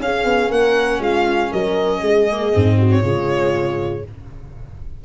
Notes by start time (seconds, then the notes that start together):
0.00 C#4 G#4 F5
0.24 B3
0.49 A#3 A#4 F#5
1.00 G#3 F4 F5
1.52 F#3 A#4 D#5
2.00 G#3 G#4
2.32 A#3
2.53 G#2 C4
2.78 F#4
2.91 C#5
3.02 C#3 G#3 F4